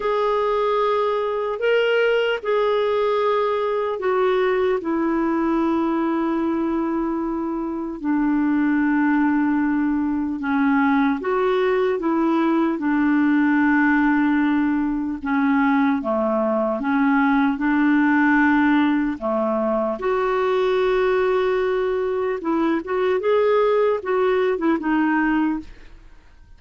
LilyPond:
\new Staff \with { instrumentName = "clarinet" } { \time 4/4 \tempo 4 = 75 gis'2 ais'4 gis'4~ | gis'4 fis'4 e'2~ | e'2 d'2~ | d'4 cis'4 fis'4 e'4 |
d'2. cis'4 | a4 cis'4 d'2 | a4 fis'2. | e'8 fis'8 gis'4 fis'8. e'16 dis'4 | }